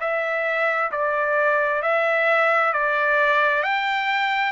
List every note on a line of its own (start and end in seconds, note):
0.00 0.91 E5
0.91 1.82 D5
1.82 2.73 E5
2.73 3.63 D5
3.63 4.52 G5